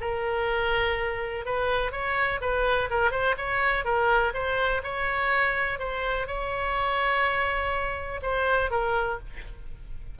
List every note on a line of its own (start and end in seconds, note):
0.00 1.45 A#4
1.45 1.91 B4
1.91 2.40 C#5
2.41 2.89 B4
2.90 3.11 A#4
3.11 3.35 C5
3.37 3.84 C#5
3.84 4.32 A#4
4.33 4.82 C5
4.83 5.78 C#5
5.78 6.26 C5
6.26 8.20 C#5
8.22 8.70 C5
8.70 9.18 A#4